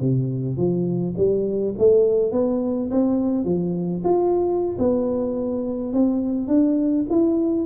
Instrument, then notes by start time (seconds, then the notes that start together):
tuba
0.00 C3
0.57 F3
1.17 G3
1.78 A3
2.32 B3
2.91 C4
3.44 F3
4.04 F4
4.78 B3
5.93 C4
6.47 D4
7.10 E4